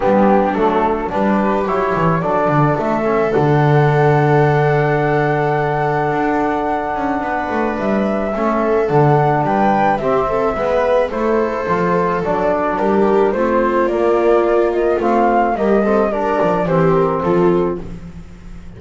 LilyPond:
<<
  \new Staff \with { instrumentName = "flute" } { \time 4/4 \tempo 4 = 108 g'4 a'4 b'4 cis''4 | d''4 e''4 fis''2~ | fis''1~ | fis''2 e''2 |
fis''4 g''4 e''2 | c''2 d''4 ais'4 | c''4 d''4. dis''8 f''4 | dis''4 d''4 c''8 ais'8 a'4 | }
  \new Staff \with { instrumentName = "viola" } { \time 4/4 d'2 g'2 | a'1~ | a'1~ | a'4 b'2 a'4~ |
a'4 b'4 g'8 a'8 b'4 | a'2. g'4 | f'1 | g'8 a'8 ais'4 g'4 f'4 | }
  \new Staff \with { instrumentName = "trombone" } { \time 4/4 b4 a4 d'4 e'4 | d'4. cis'8 d'2~ | d'1~ | d'2. cis'4 |
d'2 c'4 b4 | e'4 f'4 d'2 | c'4 ais2 c'4 | ais8 c'8 d'4 c'2 | }
  \new Staff \with { instrumentName = "double bass" } { \time 4/4 g4 fis4 g4 fis8 e8 | fis8 d8 a4 d2~ | d2. d'4~ | d'8 cis'8 b8 a8 g4 a4 |
d4 g4 c'4 gis4 | a4 f4 fis4 g4 | a4 ais2 a4 | g4. f8 e4 f4 | }
>>